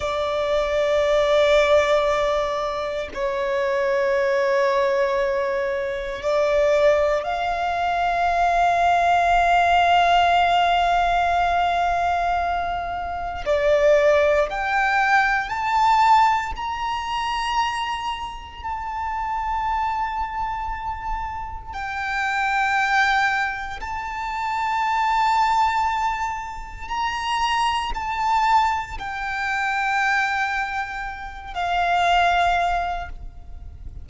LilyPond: \new Staff \with { instrumentName = "violin" } { \time 4/4 \tempo 4 = 58 d''2. cis''4~ | cis''2 d''4 f''4~ | f''1~ | f''4 d''4 g''4 a''4 |
ais''2 a''2~ | a''4 g''2 a''4~ | a''2 ais''4 a''4 | g''2~ g''8 f''4. | }